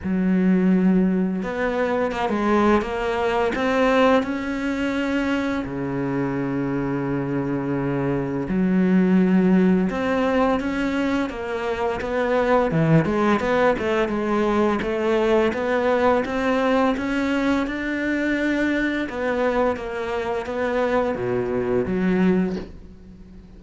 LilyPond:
\new Staff \with { instrumentName = "cello" } { \time 4/4 \tempo 4 = 85 fis2 b4 ais16 gis8. | ais4 c'4 cis'2 | cis1 | fis2 c'4 cis'4 |
ais4 b4 e8 gis8 b8 a8 | gis4 a4 b4 c'4 | cis'4 d'2 b4 | ais4 b4 b,4 fis4 | }